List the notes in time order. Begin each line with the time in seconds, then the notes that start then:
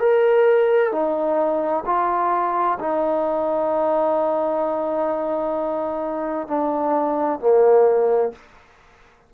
0.00 A#4
0.91 D#4
1.86 F4
2.79 D#4
6.47 D4
7.40 A#3